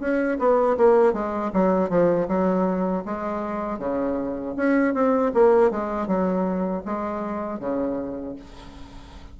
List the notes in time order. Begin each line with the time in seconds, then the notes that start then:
0.00 C#4
0.39 B3
0.77 A#3
1.13 G#3
1.53 F#3
1.90 F3
2.28 F#3
3.05 G#3
3.79 C#3
4.56 C#4
4.94 C4
5.34 A#3
5.71 G#3
6.07 F#3
6.85 G#3
7.59 C#3